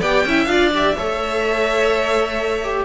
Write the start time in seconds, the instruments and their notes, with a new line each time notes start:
0.00 cello B3, viola G4, violin D5 G5
0.25 cello C#4, viola E4, violin E5
0.45 cello D4, viola F4, violin D5 F5
0.73 viola G4, violin E5
0.97 cello A3, viola A4, violin C#5
2.64 viola G4